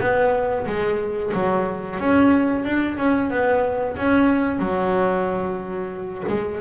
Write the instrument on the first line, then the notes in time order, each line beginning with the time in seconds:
double bass
0.00 B3
0.67 G#3
1.34 F#3
1.99 C#4
2.64 D4
2.97 C#4
3.30 B3
3.97 C#4
4.59 F#3
6.28 G#3